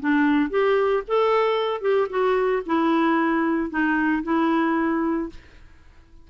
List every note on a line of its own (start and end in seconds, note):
0.00 0.50 D4
0.50 1.03 G4
1.07 1.81 A4
1.81 2.08 G4
2.09 2.62 F#4
2.66 3.70 E4
3.70 4.23 D#4
4.23 5.29 E4